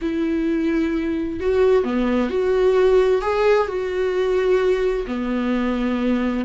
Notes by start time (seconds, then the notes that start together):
0.01 E4
1.40 F#4
1.83 B3
2.29 F#4
3.21 G#4
3.67 F#4
5.06 B3